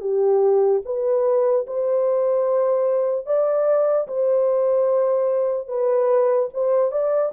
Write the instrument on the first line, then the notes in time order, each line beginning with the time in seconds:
horn
0.00 G4
0.85 B4
1.67 C5
3.26 D5
4.07 C5
5.68 B4
6.53 C5
6.91 D5